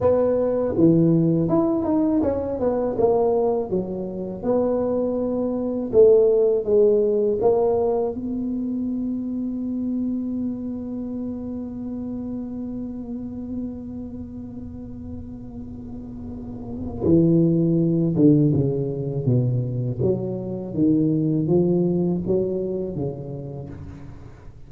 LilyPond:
\new Staff \with { instrumentName = "tuba" } { \time 4/4 \tempo 4 = 81 b4 e4 e'8 dis'8 cis'8 b8 | ais4 fis4 b2 | a4 gis4 ais4 b4~ | b1~ |
b1~ | b2. e4~ | e8 d8 cis4 b,4 fis4 | dis4 f4 fis4 cis4 | }